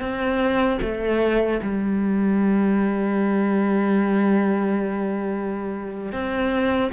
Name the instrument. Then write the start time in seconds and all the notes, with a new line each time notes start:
cello
0.00 C4
0.81 A3
1.62 G3
6.12 C4